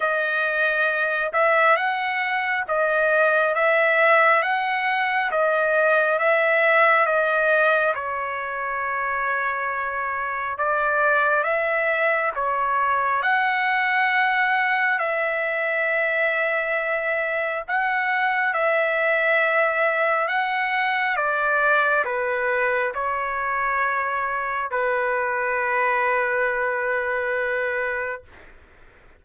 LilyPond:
\new Staff \with { instrumentName = "trumpet" } { \time 4/4 \tempo 4 = 68 dis''4. e''8 fis''4 dis''4 | e''4 fis''4 dis''4 e''4 | dis''4 cis''2. | d''4 e''4 cis''4 fis''4~ |
fis''4 e''2. | fis''4 e''2 fis''4 | d''4 b'4 cis''2 | b'1 | }